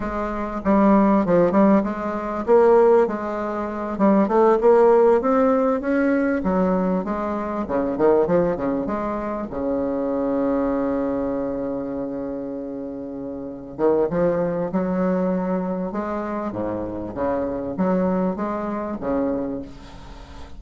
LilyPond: \new Staff \with { instrumentName = "bassoon" } { \time 4/4 \tempo 4 = 98 gis4 g4 f8 g8 gis4 | ais4 gis4. g8 a8 ais8~ | ais8 c'4 cis'4 fis4 gis8~ | gis8 cis8 dis8 f8 cis8 gis4 cis8~ |
cis1~ | cis2~ cis8 dis8 f4 | fis2 gis4 gis,4 | cis4 fis4 gis4 cis4 | }